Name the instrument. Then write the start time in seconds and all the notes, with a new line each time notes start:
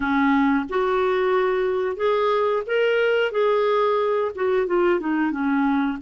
clarinet
0.00 C#4
0.69 F#4
1.96 G#4
2.66 A#4
3.31 G#4
4.35 F#4
4.66 F4
5.00 D#4
5.31 C#4